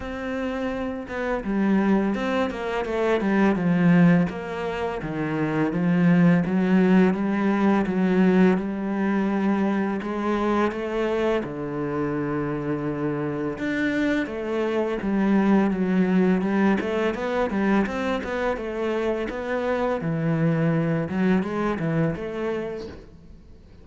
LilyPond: \new Staff \with { instrumentName = "cello" } { \time 4/4 \tempo 4 = 84 c'4. b8 g4 c'8 ais8 | a8 g8 f4 ais4 dis4 | f4 fis4 g4 fis4 | g2 gis4 a4 |
d2. d'4 | a4 g4 fis4 g8 a8 | b8 g8 c'8 b8 a4 b4 | e4. fis8 gis8 e8 a4 | }